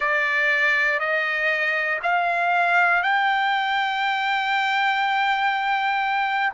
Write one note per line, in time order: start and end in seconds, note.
0.00 1.00 D5
1.00 2.00 D#5
2.02 3.02 F5
3.02 6.52 G5